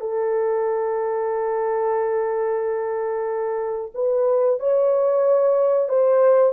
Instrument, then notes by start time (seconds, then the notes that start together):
horn
0.00 A4
3.94 B4
4.59 C#5
5.88 C5